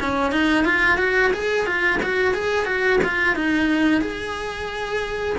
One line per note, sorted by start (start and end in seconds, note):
0.00 0.32 C#4
0.32 0.65 D#4
0.65 0.98 F4
0.98 1.32 F#4
1.33 1.66 G#4
1.66 2.00 F4
2.03 2.34 F#4
2.34 2.66 G#4
2.66 2.99 F#4
3.04 3.36 F4
3.36 4.01 D#4
4.01 5.36 G#4